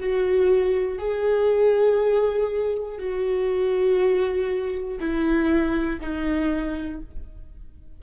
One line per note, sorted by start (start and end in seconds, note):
0.00 0.99 F#4
0.99 2.99 G#4
2.99 4.99 F#4
5.00 6.00 E4
6.01 7.01 D#4